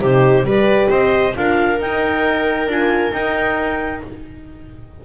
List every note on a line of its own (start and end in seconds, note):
0.00 0.43 C3
0.00 0.45 D#4
0.00 0.46 G4
0.00 0.47 C5
0.43 0.87 G3
0.43 1.34 G4
0.43 0.90 B4
0.43 0.90 D5
0.90 1.35 C4
0.90 1.35 C5
0.90 1.35 D#5
1.34 1.80 D4
1.34 1.79 F4
1.34 4.05 A#4
1.34 1.80 F5
1.80 2.67 D#4
1.80 2.69 D#4
1.80 2.69 G5
2.67 3.11 D4
2.67 3.12 F4
2.67 3.13 G#5
3.12 4.01 D#4
3.12 4.02 D#4
3.12 4.02 G5